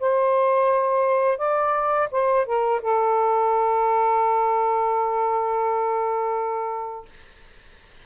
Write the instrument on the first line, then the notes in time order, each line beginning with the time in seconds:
saxophone
0.00 C5
1.38 D5
2.11 C5
2.46 A#4
2.82 A4